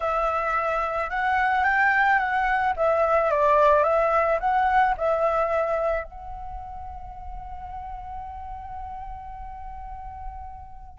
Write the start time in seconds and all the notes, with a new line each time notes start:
0.00 E5
1.09 F#5
1.64 G5
2.18 F#5
2.76 E5
3.31 D5
3.83 E5
4.40 F#5
4.97 E5
6.04 F#5